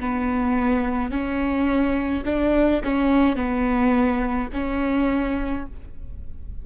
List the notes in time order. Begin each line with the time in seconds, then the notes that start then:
0.00 B3
1.12 C#4
2.25 D4
2.84 C#4
3.37 B3
4.53 C#4